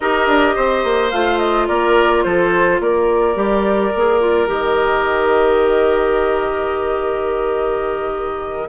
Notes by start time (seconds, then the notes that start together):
0.00 D#4 G4 A#4 D#5
0.27 D4
0.55 C4 C5
0.84 A#3
1.10 A3 F4 F5
1.38 D#5
1.67 A#3 A#4 D5
2.23 F3 A4 C5
2.80 A#3 A#4 D5
3.35 G3 G4
3.95 A#3 G#4
4.20 F4
4.46 D#3 G4 D#5